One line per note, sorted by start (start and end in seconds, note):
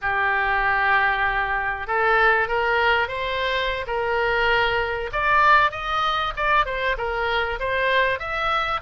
0.01 1.87 G4
1.87 2.47 A4
2.47 3.08 A#4
3.08 3.85 C5
3.86 5.10 A#4
5.12 5.71 D5
5.71 6.33 D#5
6.36 6.65 D5
6.65 6.96 C5
6.97 7.59 A#4
7.59 8.19 C5
8.19 8.81 E5